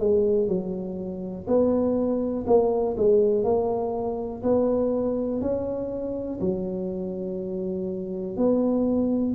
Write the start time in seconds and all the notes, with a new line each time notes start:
0.00 G#3
0.48 F#3
1.48 B3
2.47 A#3
2.97 G#3
3.44 A#3
4.43 B3
5.41 C#4
6.40 F#3
8.37 B3